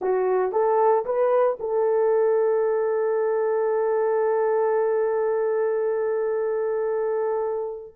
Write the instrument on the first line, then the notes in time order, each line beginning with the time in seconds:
horn
0.01 F#4
0.51 A4
1.05 B4
1.59 A4